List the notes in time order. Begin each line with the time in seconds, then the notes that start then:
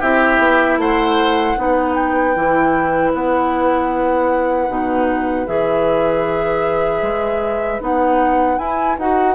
0.00 C4 E4 G4 E5
0.39 B3
0.78 A3 C5 F#5
1.57 B3 D#4 B4
1.94 G5
2.36 E3 E4
3.14 B3 F#5
4.69 B2 D#4
5.47 E3 G#4 E5
7.02 G#3
7.81 B3 D#4 F#5
8.58 E4 G#5
8.98 D#4 F#4 F#5